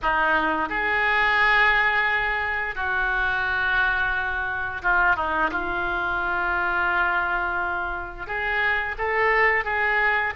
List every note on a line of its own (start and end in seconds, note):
0.02 0.69 D#4
0.69 2.75 G#4
2.75 4.82 F#4
4.82 5.16 F4
5.16 5.50 D#4
5.50 8.26 F4
8.26 8.95 G#4
8.98 9.64 A4
9.64 10.33 G#4